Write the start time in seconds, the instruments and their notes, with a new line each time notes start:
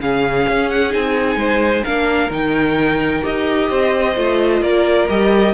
0.00 cello C#3, viola C#4, violin G#4 F5
0.49 cello C#4
0.70 violin F#5
0.90 cello C4, viola D#4, violin G#5
1.37 cello G#3, violin C5
1.84 cello A#3, viola D4, violin A#4 F5
2.30 cello D#3, viola D#4, violin G5
3.22 cello D#4, viola G4, violin D#5
3.70 cello C4, violin C5
4.16 cello A3, viola F4
4.62 cello A#3, violin A#4 D5
5.09 cello G3, viola G4, violin D#5